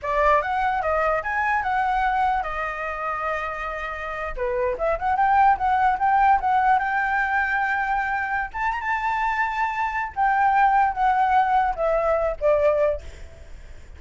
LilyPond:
\new Staff \with { instrumentName = "flute" } { \time 4/4 \tempo 4 = 148 d''4 fis''4 dis''4 gis''4 | fis''2 dis''2~ | dis''2~ dis''8. b'4 e''16~ | e''16 fis''8 g''4 fis''4 g''4 fis''16~ |
fis''8. g''2.~ g''16~ | g''4 a''8 ais''16 a''2~ a''16~ | a''4 g''2 fis''4~ | fis''4 e''4. d''4. | }